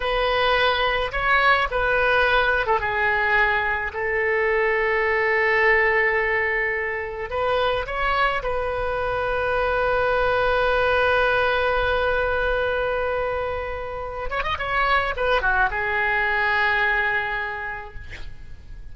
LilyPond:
\new Staff \with { instrumentName = "oboe" } { \time 4/4 \tempo 4 = 107 b'2 cis''4 b'4~ | b'8. a'16 gis'2 a'4~ | a'1~ | a'4 b'4 cis''4 b'4~ |
b'1~ | b'1~ | b'4. cis''16 dis''16 cis''4 b'8 fis'8 | gis'1 | }